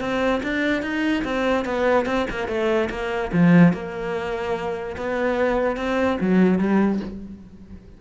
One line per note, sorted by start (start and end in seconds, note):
0.00 0.41 C4
0.43 0.82 D4
0.82 1.23 D#4
1.24 1.65 C4
1.65 2.06 B3
2.06 2.26 C4
2.30 2.48 A#3
2.48 2.89 A3
2.90 3.31 A#3
3.32 3.73 F3
3.73 4.96 A#3
4.97 5.76 B3
5.76 6.18 C4
6.21 6.58 F#3
6.58 7.00 G3